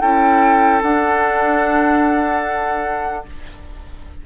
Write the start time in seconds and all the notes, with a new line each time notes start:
0.00 C#4 E4 A4 G5
0.82 D4 F#5